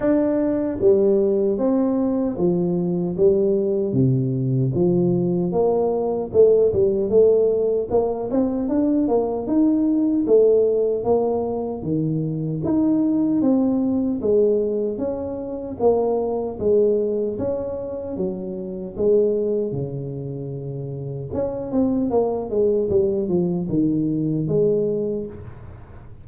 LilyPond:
\new Staff \with { instrumentName = "tuba" } { \time 4/4 \tempo 4 = 76 d'4 g4 c'4 f4 | g4 c4 f4 ais4 | a8 g8 a4 ais8 c'8 d'8 ais8 | dis'4 a4 ais4 dis4 |
dis'4 c'4 gis4 cis'4 | ais4 gis4 cis'4 fis4 | gis4 cis2 cis'8 c'8 | ais8 gis8 g8 f8 dis4 gis4 | }